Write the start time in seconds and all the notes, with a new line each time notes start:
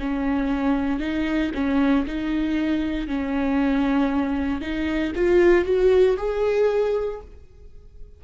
0.00 C#4
1.00 D#4
1.55 C#4
2.07 D#4
3.08 C#4
4.61 D#4
5.16 F4
5.66 F#4
6.17 G#4